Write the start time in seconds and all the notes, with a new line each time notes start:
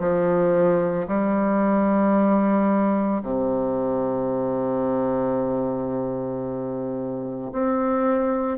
0.00 F3
1.08 G3
3.23 C3
7.52 C4